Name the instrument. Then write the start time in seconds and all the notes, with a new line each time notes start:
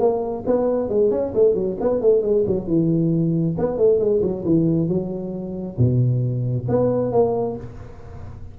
tuba
0.00 A#3
0.47 B3
0.89 G#3
1.11 C#4
1.35 A3
1.55 F#3
1.81 B3
2.01 A3
2.22 G#3
2.47 F#3
2.67 E3
3.58 B3
3.78 A3
3.99 G#3
4.22 F#3
4.46 E3
4.89 F#3
5.78 B2
6.69 B3
7.13 A#3